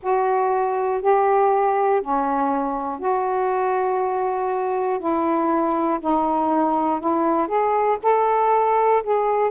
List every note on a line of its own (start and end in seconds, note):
0.02 1.01 F#4
1.01 2.01 G4
2.01 2.99 C#4
2.99 4.99 F#4
4.99 5.99 E4
6.00 7.00 D#4
7.00 7.47 E4
7.47 7.97 G#4
8.02 9.02 A4
9.03 9.50 G#4